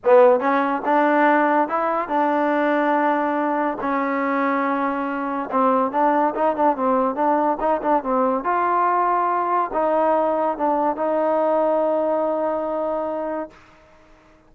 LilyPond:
\new Staff \with { instrumentName = "trombone" } { \time 4/4 \tempo 4 = 142 b4 cis'4 d'2 | e'4 d'2.~ | d'4 cis'2.~ | cis'4 c'4 d'4 dis'8 d'8 |
c'4 d'4 dis'8 d'8 c'4 | f'2. dis'4~ | dis'4 d'4 dis'2~ | dis'1 | }